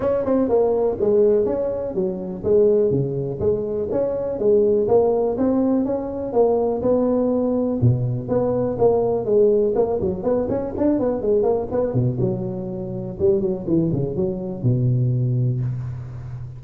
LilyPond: \new Staff \with { instrumentName = "tuba" } { \time 4/4 \tempo 4 = 123 cis'8 c'8 ais4 gis4 cis'4 | fis4 gis4 cis4 gis4 | cis'4 gis4 ais4 c'4 | cis'4 ais4 b2 |
b,4 b4 ais4 gis4 | ais8 fis8 b8 cis'8 d'8 b8 gis8 ais8 | b8 b,8 fis2 g8 fis8 | e8 cis8 fis4 b,2 | }